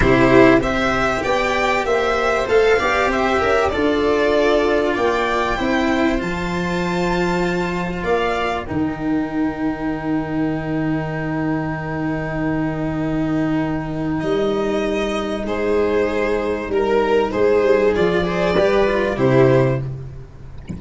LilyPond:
<<
  \new Staff \with { instrumentName = "violin" } { \time 4/4 \tempo 4 = 97 c''4 e''4 g''4 e''4 | f''4 e''4 d''2 | g''2 a''2~ | a''4 f''4 g''2~ |
g''1~ | g''2. dis''4~ | dis''4 c''2 ais'4 | c''4 d''2 c''4 | }
  \new Staff \with { instrumentName = "viola" } { \time 4/4 g'4 c''4 d''4 c''4~ | c''8 d''8 c''8 ais'8 a'2 | d''4 c''2.~ | c''4 d''4 ais'2~ |
ais'1~ | ais'1~ | ais'4 gis'2 ais'4 | gis'4. c''8 b'4 g'4 | }
  \new Staff \with { instrumentName = "cello" } { \time 4/4 e'4 g'2. | a'8 g'4. f'2~ | f'4 e'4 f'2~ | f'2 dis'2~ |
dis'1~ | dis'1~ | dis'1~ | dis'4 f'8 gis'8 g'8 f'8 e'4 | }
  \new Staff \with { instrumentName = "tuba" } { \time 4/4 c4 c'4 b4 ais4 | a8 b8 c'8 cis'8 d'2 | ais4 c'4 f2~ | f4 ais4 dis2~ |
dis1~ | dis2. g4~ | g4 gis2 g4 | gis8 g8 f4 g4 c4 | }
>>